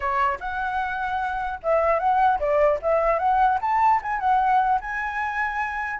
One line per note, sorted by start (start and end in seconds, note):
0.00 0.39 C#5
0.39 1.59 F#5
1.62 1.99 E5
1.99 2.39 F#5
2.39 2.79 D5
2.82 3.18 E5
3.18 3.58 F#5
3.61 4.01 A5
4.02 4.19 G#5
4.19 4.79 F#5
4.80 5.99 G#5